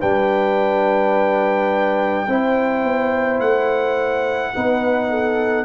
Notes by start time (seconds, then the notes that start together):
0.00 G3 D4 B4 G5
2.28 C4 E4 C5
2.84 B3
3.40 A3 F#5
4.55 B3 D#4 B4
5.10 A4